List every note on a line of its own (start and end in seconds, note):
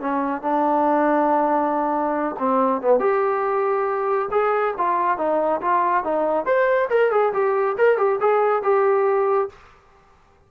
0.00 0.41 C#4
0.41 2.35 D4
2.39 2.81 C4
2.81 2.99 B3
2.99 4.29 G4
4.31 4.74 G#4
4.77 5.17 F4
5.17 5.60 D#4
5.61 6.04 F4
6.04 6.45 D#4
6.45 6.88 C5
6.89 7.11 A#4
7.11 7.32 G#4
7.33 7.76 G4
7.77 7.97 A#4
7.97 8.19 G4
8.20 8.62 G#4
8.62 9.49 G4